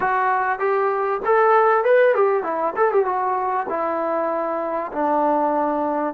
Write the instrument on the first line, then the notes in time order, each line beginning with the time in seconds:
trombone
0.00 F#4
0.59 G4
1.25 A4
1.84 B4
2.14 G4
2.43 E4
2.76 A4
2.91 G4
3.05 F#4
3.69 E4
4.92 D4